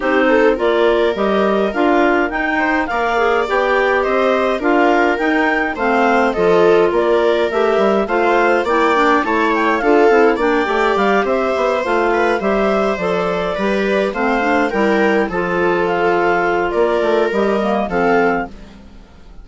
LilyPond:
<<
  \new Staff \with { instrumentName = "clarinet" } { \time 4/4 \tempo 4 = 104 c''4 d''4 dis''4 f''4 | g''4 f''4 g''4 dis''4 | f''4 g''4 f''4 dis''4 | d''4 e''4 f''4 g''4 |
a''8 g''8 f''4 g''4 f''8 e''8~ | e''8 f''4 e''4 d''4.~ | d''8 f''4 g''4 a''4 f''8~ | f''4 d''4 dis''4 f''4 | }
  \new Staff \with { instrumentName = "viola" } { \time 4/4 g'8 a'8 ais'2.~ | ais'8 c''8 d''2 c''4 | ais'2 c''4 a'4 | ais'2 c''4 d''4 |
cis''4 a'4 d''4. c''8~ | c''4 b'8 c''2 b'8~ | b'8 c''4 ais'4 a'4.~ | a'4 ais'2 a'4 | }
  \new Staff \with { instrumentName = "clarinet" } { \time 4/4 dis'4 f'4 g'4 f'4 | dis'4 ais'8 gis'8 g'2 | f'4 dis'4 c'4 f'4~ | f'4 g'4 f'4 e'8 d'8 |
e'4 f'8 e'8 d'8 g'4.~ | g'8 f'4 g'4 a'4 g'8~ | g'8 c'8 d'8 e'4 f'4.~ | f'2 g'8 ais8 c'4 | }
  \new Staff \with { instrumentName = "bassoon" } { \time 4/4 c'4 ais4 g4 d'4 | dis'4 ais4 b4 c'4 | d'4 dis'4 a4 f4 | ais4 a8 g8 a4 ais4 |
a4 d'8 c'8 ais8 a8 g8 c'8 | b8 a4 g4 f4 g8~ | g8 a4 g4 f4.~ | f4 ais8 a8 g4 f4 | }
>>